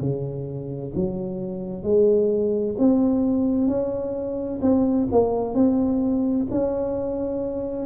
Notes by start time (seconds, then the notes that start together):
0.00 C#3
0.95 F#3
1.83 G#3
2.78 C4
3.67 C#4
4.62 C4
5.11 A#3
5.54 C4
6.51 C#4